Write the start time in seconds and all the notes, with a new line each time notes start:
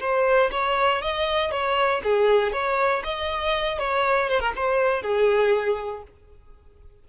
0.00 C5
0.51 C#5
1.02 D#5
1.51 C#5
2.04 G#4
2.53 C#5
3.04 D#5
3.79 C#5
4.29 C5
4.40 A#4
4.56 C5
5.03 G#4